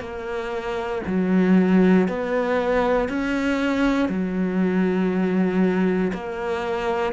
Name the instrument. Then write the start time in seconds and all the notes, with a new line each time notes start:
cello
0.00 A#3
1.07 F#3
2.08 B3
3.09 C#4
4.09 F#3
6.13 A#3